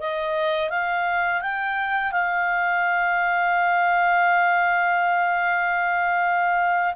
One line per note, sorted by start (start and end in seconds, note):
0.00 0.70 D#5
0.70 1.42 F5
1.42 2.12 G5
2.12 6.94 F5